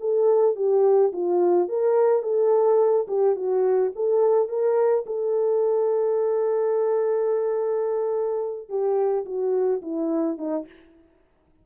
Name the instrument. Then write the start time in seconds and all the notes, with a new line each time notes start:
horn
0.00 A4
0.56 G4
1.12 F4
1.68 A#4
2.23 A4
3.08 G4
3.36 F#4
3.95 A4
4.49 A#4
5.06 A4
8.69 G4
9.25 F#4
9.82 E4
10.38 D#4